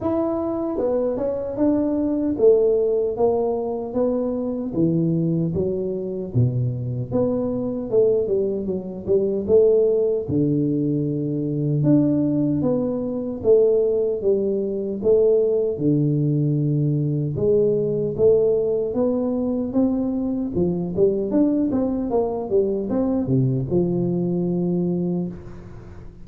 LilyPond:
\new Staff \with { instrumentName = "tuba" } { \time 4/4 \tempo 4 = 76 e'4 b8 cis'8 d'4 a4 | ais4 b4 e4 fis4 | b,4 b4 a8 g8 fis8 g8 | a4 d2 d'4 |
b4 a4 g4 a4 | d2 gis4 a4 | b4 c'4 f8 g8 d'8 c'8 | ais8 g8 c'8 c8 f2 | }